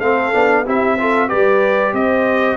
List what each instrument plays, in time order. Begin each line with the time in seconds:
0.00 tuba A3, trombone C4, horn A4, trumpet F5
0.33 tuba B3, trombone D4
0.65 tuba C4, trombone E4, horn G4, trumpet E5
0.99 trombone F4, horn A4
1.29 tuba G3, trombone G4, horn B4, trumpet D5
1.93 tuba C4, horn C5, trumpet D#5